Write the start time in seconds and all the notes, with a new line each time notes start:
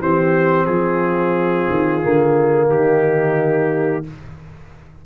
0.00 E3 C4 G4 C5
0.66 F3 F4 G#4
1.69 D#3
2.02 D3 A#3
2.70 D#3 D#4 G4